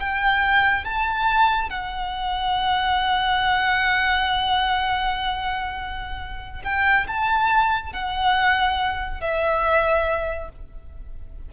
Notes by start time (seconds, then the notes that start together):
0.00 G5
0.85 A5
1.70 F#5
6.64 G5
7.08 A5
7.93 F#5
9.21 E5